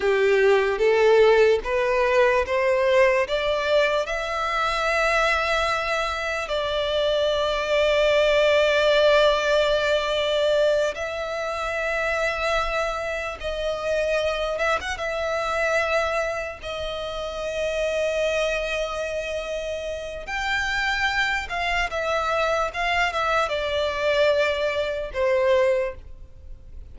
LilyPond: \new Staff \with { instrumentName = "violin" } { \time 4/4 \tempo 4 = 74 g'4 a'4 b'4 c''4 | d''4 e''2. | d''1~ | d''4. e''2~ e''8~ |
e''8 dis''4. e''16 fis''16 e''4.~ | e''8 dis''2.~ dis''8~ | dis''4 g''4. f''8 e''4 | f''8 e''8 d''2 c''4 | }